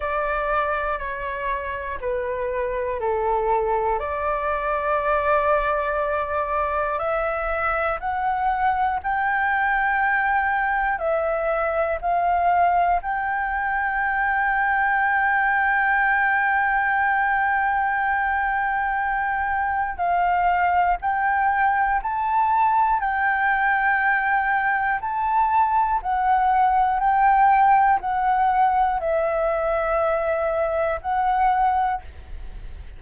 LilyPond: \new Staff \with { instrumentName = "flute" } { \time 4/4 \tempo 4 = 60 d''4 cis''4 b'4 a'4 | d''2. e''4 | fis''4 g''2 e''4 | f''4 g''2.~ |
g''1 | f''4 g''4 a''4 g''4~ | g''4 a''4 fis''4 g''4 | fis''4 e''2 fis''4 | }